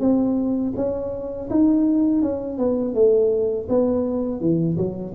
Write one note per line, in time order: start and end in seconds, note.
0.00 0.73 C4
0.76 1.49 C#4
1.50 2.22 D#4
2.22 2.58 C#4
2.58 2.94 B3
2.94 3.67 A3
3.69 4.40 B3
4.40 4.77 E3
4.77 5.14 F#3